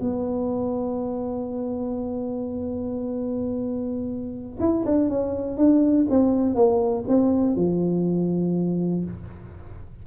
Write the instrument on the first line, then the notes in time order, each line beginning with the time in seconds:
tuba
0.00 B3
4.60 E4
4.85 D4
5.09 C#4
5.57 D4
6.10 C4
6.55 A#3
7.08 C4
7.56 F3